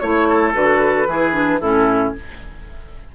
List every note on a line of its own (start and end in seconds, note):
0.00 0.55 A3
0.00 0.54 E4
0.00 0.53 C#5
0.00 0.29 C#5
0.29 1.08 A4
0.54 1.07 D3
0.54 1.07 F#4
0.54 1.61 B4
1.07 1.60 E3
1.07 1.33 E4
1.07 1.61 G#4
1.33 1.60 D4
1.61 2.14 A2
1.61 2.16 C#4
1.61 2.14 E4
1.61 2.14 A4